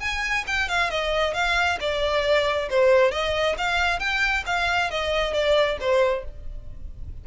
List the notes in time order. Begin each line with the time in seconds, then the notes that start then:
0.00 G#5
0.47 G5
0.69 F5
0.90 D#5
1.34 F5
1.80 D5
2.70 C5
3.11 D#5
3.58 F5
4.00 G5
4.46 F5
4.91 D#5
5.33 D5
5.80 C5